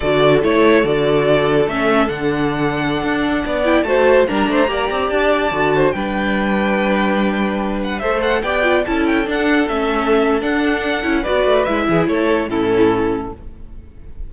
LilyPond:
<<
  \new Staff \with { instrumentName = "violin" } { \time 4/4 \tempo 4 = 144 d''4 cis''4 d''2 | e''4 fis''2.~ | fis''8. g''8 a''4 ais''4.~ ais''16~ | ais''16 a''2 g''4.~ g''16~ |
g''2~ g''8. fis''8 e''8 fis''16~ | fis''16 g''4 a''8 g''8 fis''4 e''8.~ | e''4 fis''2 d''4 | e''4 cis''4 a'2 | }
  \new Staff \with { instrumentName = "violin" } { \time 4/4 a'1~ | a'1~ | a'16 d''4 c''4 ais'8 c''8 d''8.~ | d''4.~ d''16 c''8 b'4.~ b'16~ |
b'2.~ b'16 c''8.~ | c''16 d''4 a'2~ a'8.~ | a'2. b'4~ | b'8 gis'8 a'4 e'2 | }
  \new Staff \with { instrumentName = "viola" } { \time 4/4 fis'4 e'4 fis'2 | cis'4 d'2.~ | d'8. e'8 fis'4 d'4 g'8.~ | g'4~ g'16 fis'4 d'4.~ d'16~ |
d'2.~ d'16 a'8.~ | a'16 g'8 f'8 e'4 d'4 cis'8.~ | cis'4 d'4. e'8 fis'4 | e'2 cis'2 | }
  \new Staff \with { instrumentName = "cello" } { \time 4/4 d4 a4 d2 | a4 d2~ d16 d'8.~ | d'16 b4 a4 g8 a8 ais8 c'16~ | c'16 d'4 d4 g4.~ g16~ |
g2.~ g16 a8.~ | a16 b4 cis'4 d'4 a8.~ | a4 d'4. cis'8 b8 a8 | gis8 e8 a4 a,2 | }
>>